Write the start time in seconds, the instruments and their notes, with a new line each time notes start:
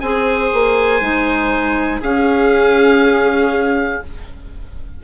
0.00 bassoon C4, clarinet G#4, viola C5, oboe G#5
0.53 bassoon A#3
1.01 bassoon G#3, clarinet D#4
2.00 bassoon C#4, clarinet C#4, viola G#4, oboe F5